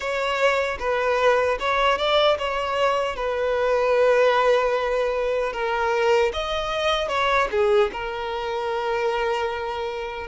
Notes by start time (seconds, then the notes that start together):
0.00 C#5
0.79 B4
1.59 C#5
1.97 D5
2.38 C#5
3.16 B4
5.53 A#4
6.33 D#5
7.08 C#5
7.51 G#4
7.92 A#4